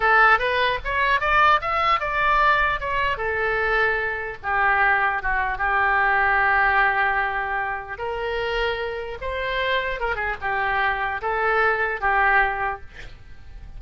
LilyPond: \new Staff \with { instrumentName = "oboe" } { \time 4/4 \tempo 4 = 150 a'4 b'4 cis''4 d''4 | e''4 d''2 cis''4 | a'2. g'4~ | g'4 fis'4 g'2~ |
g'1 | ais'2. c''4~ | c''4 ais'8 gis'8 g'2 | a'2 g'2 | }